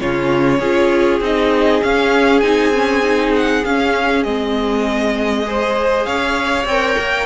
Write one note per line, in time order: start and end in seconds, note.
0.00 0.60 C#3
0.00 0.62 C#4
0.00 0.60 F4
0.00 1.21 C#5
0.60 1.20 C#4
0.60 1.22 F4
0.60 5.45 G#4
1.20 1.81 C4
1.20 1.82 D#4
1.20 1.83 D#5
1.82 2.42 C#4
1.82 2.40 F5
2.40 3.63 C4
2.40 2.73 D#4
2.40 3.31 G#5
2.73 3.02 C#4
3.02 3.63 D#4
3.36 3.65 F#5
3.65 4.24 C#4
3.65 4.26 C#4
3.65 4.23 F5
4.23 6.06 G#3
4.23 5.44 C4
4.23 6.05 D#5
5.44 6.66 G#4
5.44 6.07 C5
6.05 6.65 C#4
6.05 7.26 C#5
6.05 6.66 F5
6.65 6.96 C4
6.65 7.26 A#4
6.65 7.26 G5
6.98 7.26 A#3